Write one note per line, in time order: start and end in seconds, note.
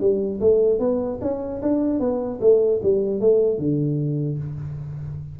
0.00 0.40 G3
0.41 0.79 A3
0.79 1.19 B3
1.21 1.61 C#4
1.62 2.00 D4
2.00 2.40 B3
2.41 2.81 A3
2.83 3.21 G3
3.21 3.59 A3
3.59 4.39 D3